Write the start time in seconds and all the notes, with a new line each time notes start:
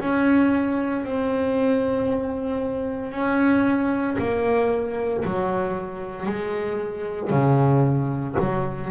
0.00 C#4
1.05 C4
3.12 C#4
4.19 A#3
5.25 F#3
6.26 G#3
7.31 C#3
8.40 F#3